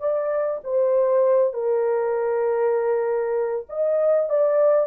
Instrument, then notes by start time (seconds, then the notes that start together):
horn
0.00 D5
0.64 C5
1.54 A#4
3.69 D#5
4.29 D5